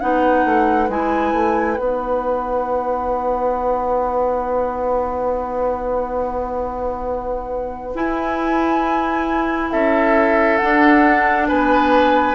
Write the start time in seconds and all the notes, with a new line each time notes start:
0.00 B3 D#4 B4 F#5
0.45 A3
0.88 G#3 E4 G#5
1.33 A3
1.77 B3 D#4 F#5
7.94 E4 G#5
9.71 C#4 A4 E5
10.57 D4 F#5
11.48 B3 B4 G#5